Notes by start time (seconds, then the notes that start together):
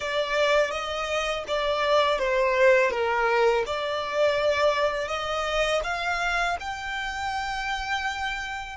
0.00 D5
0.71 D#5
1.47 D5
2.19 C5
2.91 A#4
3.66 D5
5.08 D#5
5.83 F5
6.60 G5